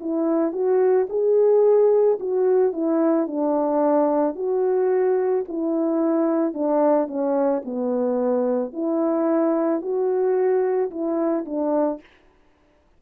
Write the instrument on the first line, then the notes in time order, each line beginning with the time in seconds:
horn
0.00 E4
0.52 F#4
1.09 G#4
2.20 F#4
2.72 E4
3.27 D4
4.35 F#4
5.48 E4
6.54 D4
7.07 C#4
7.65 B3
8.73 E4
9.81 F#4
10.90 E4
11.45 D4